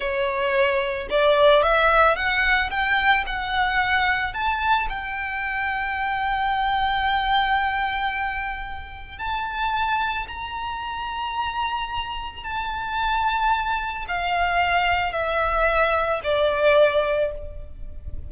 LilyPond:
\new Staff \with { instrumentName = "violin" } { \time 4/4 \tempo 4 = 111 cis''2 d''4 e''4 | fis''4 g''4 fis''2 | a''4 g''2.~ | g''1~ |
g''4 a''2 ais''4~ | ais''2. a''4~ | a''2 f''2 | e''2 d''2 | }